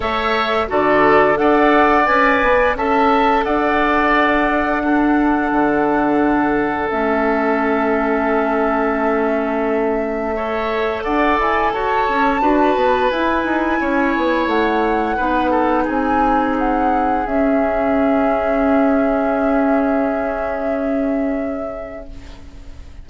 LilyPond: <<
  \new Staff \with { instrumentName = "flute" } { \time 4/4 \tempo 4 = 87 e''4 d''4 fis''4 gis''4 | a''4 fis''2.~ | fis''2 e''2~ | e''1 |
fis''8 gis''8 a''2 gis''4~ | gis''4 fis''2 gis''4 | fis''4 e''2.~ | e''1 | }
  \new Staff \with { instrumentName = "oboe" } { \time 4/4 cis''4 a'4 d''2 | e''4 d''2 a'4~ | a'1~ | a'2. cis''4 |
d''4 cis''4 b'2 | cis''2 b'8 a'8 gis'4~ | gis'1~ | gis'1 | }
  \new Staff \with { instrumentName = "clarinet" } { \time 4/4 a'4 fis'4 a'4 b'4 | a'2. d'4~ | d'2 cis'2~ | cis'2. a'4~ |
a'2 fis'4 e'4~ | e'2 dis'2~ | dis'4 cis'2.~ | cis'1 | }
  \new Staff \with { instrumentName = "bassoon" } { \time 4/4 a4 d4 d'4 cis'8 b8 | cis'4 d'2. | d2 a2~ | a1 |
d'8 e'8 fis'8 cis'8 d'8 b8 e'8 dis'8 | cis'8 b8 a4 b4 c'4~ | c'4 cis'2.~ | cis'1 | }
>>